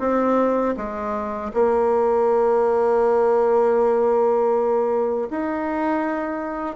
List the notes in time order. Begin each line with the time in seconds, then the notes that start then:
0.00 C4
0.77 G#3
1.54 A#3
5.30 D#4